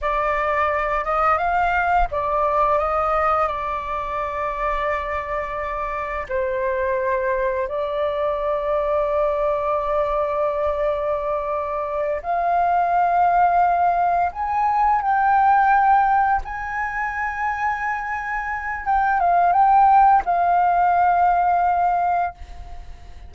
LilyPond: \new Staff \with { instrumentName = "flute" } { \time 4/4 \tempo 4 = 86 d''4. dis''8 f''4 d''4 | dis''4 d''2.~ | d''4 c''2 d''4~ | d''1~ |
d''4. f''2~ f''8~ | f''8 gis''4 g''2 gis''8~ | gis''2. g''8 f''8 | g''4 f''2. | }